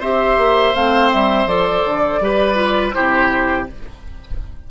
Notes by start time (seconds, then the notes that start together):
0.00 C4 G4 C5 E5
0.37 A#3
0.75 A3 C4 F5
1.12 G3 E5
1.46 F3 A4 D5
1.85 D3
2.20 G3 G4 B4
2.55 F4
2.93 C3 E4 G4 C5